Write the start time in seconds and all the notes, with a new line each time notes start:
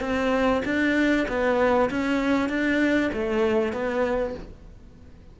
0.00 C4
0.64 D4
1.28 B3
1.90 C#4
2.49 D4
3.13 A3
3.72 B3